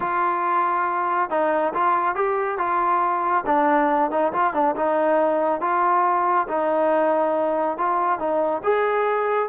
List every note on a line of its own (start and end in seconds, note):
0.00 1.29 F4
1.30 1.73 D#4
1.74 2.15 F4
2.15 2.58 G4
2.58 3.44 F4
3.46 4.10 D4
4.10 4.32 D#4
4.32 4.53 F4
4.53 4.75 D4
4.76 5.61 D#4
5.61 6.47 F4
6.47 7.77 D#4
7.77 8.19 F4
8.19 8.62 D#4
8.63 9.49 G#4